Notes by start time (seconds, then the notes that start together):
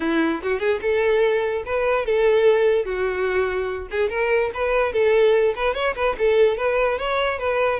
0.00 E4
0.42 F#4
0.59 G#4
0.81 A4
1.65 B4
2.05 A4
2.85 F#4
3.90 G#4
4.09 A#4
4.54 B4
4.93 A4
5.55 B4
5.74 C#5
5.95 B4
6.18 A4
6.57 B4
6.98 C#5
7.38 B4